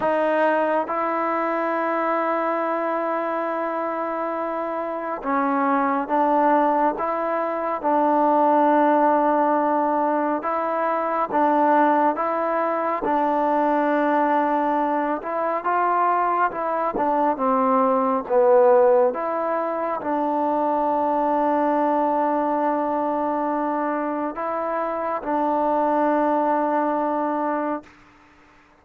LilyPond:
\new Staff \with { instrumentName = "trombone" } { \time 4/4 \tempo 4 = 69 dis'4 e'2.~ | e'2 cis'4 d'4 | e'4 d'2. | e'4 d'4 e'4 d'4~ |
d'4. e'8 f'4 e'8 d'8 | c'4 b4 e'4 d'4~ | d'1 | e'4 d'2. | }